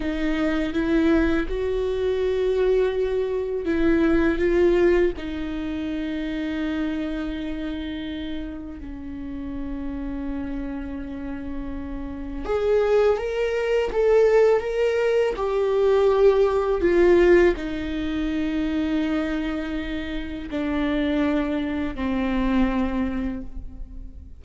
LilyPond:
\new Staff \with { instrumentName = "viola" } { \time 4/4 \tempo 4 = 82 dis'4 e'4 fis'2~ | fis'4 e'4 f'4 dis'4~ | dis'1 | cis'1~ |
cis'4 gis'4 ais'4 a'4 | ais'4 g'2 f'4 | dis'1 | d'2 c'2 | }